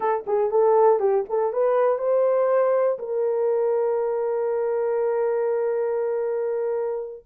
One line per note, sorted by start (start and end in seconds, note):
0.00 0.25 A4
0.26 0.50 G#4
0.50 0.99 A4
0.99 1.24 G4
1.29 1.52 A4
1.52 1.98 B4
1.98 2.98 C5
2.98 7.23 A#4